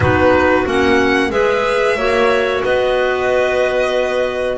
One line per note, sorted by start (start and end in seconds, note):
0.00 0.64 B3
0.00 0.65 D#4
0.00 1.30 F#4
0.00 0.65 B4
0.65 1.30 A#3
0.65 1.31 C#4
0.65 1.31 F#5
1.30 1.95 G#3
1.30 1.97 G#4
1.30 1.97 B4
1.30 2.63 E5
1.96 2.62 A#3
1.96 4.57 F#4
1.96 2.63 C#5
2.63 4.57 B3
2.63 4.57 B4
2.63 4.57 D#5